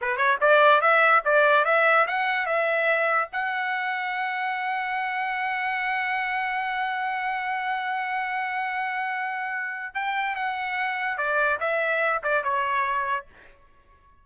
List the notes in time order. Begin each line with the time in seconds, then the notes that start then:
0.01 B4
0.17 C#5
0.40 D5
0.81 E5
1.24 D5
1.65 E5
2.07 F#5
2.46 E5
3.32 F#5
9.94 G5
10.35 F#5
11.17 D5
11.60 E5
12.23 D5
12.43 C#5